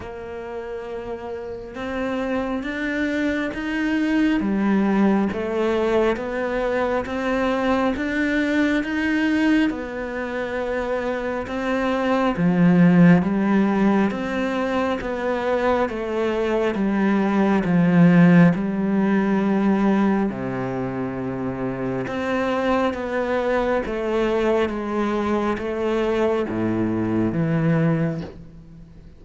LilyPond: \new Staff \with { instrumentName = "cello" } { \time 4/4 \tempo 4 = 68 ais2 c'4 d'4 | dis'4 g4 a4 b4 | c'4 d'4 dis'4 b4~ | b4 c'4 f4 g4 |
c'4 b4 a4 g4 | f4 g2 c4~ | c4 c'4 b4 a4 | gis4 a4 a,4 e4 | }